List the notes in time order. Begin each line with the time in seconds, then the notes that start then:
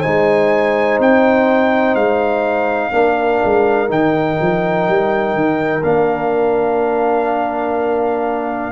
0.00 D#4 C5 G#5
0.07 G#3
1.00 C4 G5
1.95 G#3 F5
2.92 A#3 D4 A#4
3.45 G#3
3.89 D#3 D#4 G5
4.41 F3
4.89 G3
5.35 D#3
5.83 A#3 D4 F5